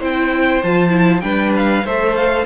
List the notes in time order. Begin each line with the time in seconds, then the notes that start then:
0.00 C4 E4 C5 G5
0.63 F3 F4 A5
0.90 E4
1.21 G3 D4 B4 G5
1.57 F5
1.85 A3 A4 C5 E5
2.16 F5